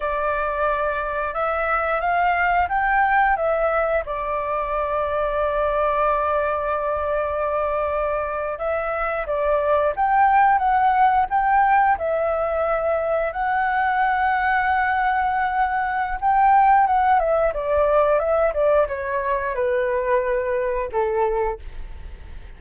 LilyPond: \new Staff \with { instrumentName = "flute" } { \time 4/4 \tempo 4 = 89 d''2 e''4 f''4 | g''4 e''4 d''2~ | d''1~ | d''8. e''4 d''4 g''4 fis''16~ |
fis''8. g''4 e''2 fis''16~ | fis''1 | g''4 fis''8 e''8 d''4 e''8 d''8 | cis''4 b'2 a'4 | }